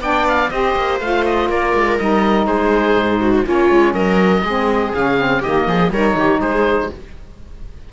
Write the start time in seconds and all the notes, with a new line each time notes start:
0.00 B3 D4 D5 G5
0.27 F5
0.49 C4 G4 C5 D#5
0.75 A#3
1.00 A3 F4 F5
1.25 D#5
1.48 A#3 A#4 D5
1.74 G#3
1.98 G3 D#4 D#5
2.46 G#3 G#4 C5
2.95 G#2
3.20 F#4
3.43 A#3 C#4 F4 C#5
3.70 G#3
3.93 F#3 A#4 D#5
4.43 G#3 C4 G#4
4.94 C#3 C#4 F5
5.18 C4
5.40 D#3 A#3 G4 D#5
5.67 F3 G#4
5.90 G3 D#4 A#4 C#5
6.14 D#3 G4
6.40 G#3 G#4 C5